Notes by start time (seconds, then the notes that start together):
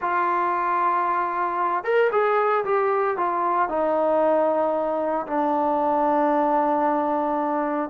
0.01 F4
1.83 A#4
2.11 G#4
2.65 G4
3.17 F4
3.68 D#4
5.26 D4